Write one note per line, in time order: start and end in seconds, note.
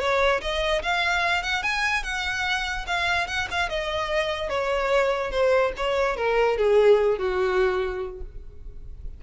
0.00 0.41 C#5
0.41 0.83 D#5
0.83 1.43 F5
1.43 1.63 F#5
1.63 2.04 G#5
2.04 2.86 F#5
2.87 3.28 F5
3.28 3.48 F#5
3.51 3.69 F5
3.69 4.50 D#5
4.50 5.32 C#5
5.32 5.73 C5
5.77 6.17 C#5
6.17 6.58 A#4
6.58 7.19 G#4
7.19 8.22 F#4